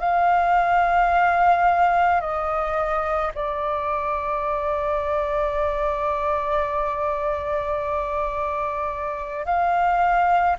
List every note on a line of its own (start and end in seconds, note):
0.00 2.21 F5
2.21 3.32 D#5
3.35 9.45 D5
9.45 10.57 F5